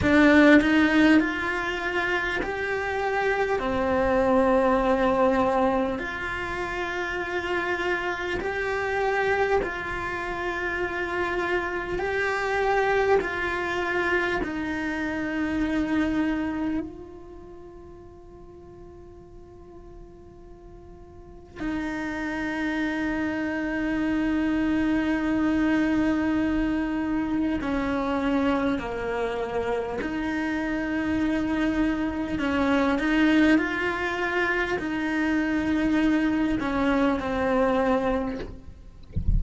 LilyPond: \new Staff \with { instrumentName = "cello" } { \time 4/4 \tempo 4 = 50 d'8 dis'8 f'4 g'4 c'4~ | c'4 f'2 g'4 | f'2 g'4 f'4 | dis'2 f'2~ |
f'2 dis'2~ | dis'2. cis'4 | ais4 dis'2 cis'8 dis'8 | f'4 dis'4. cis'8 c'4 | }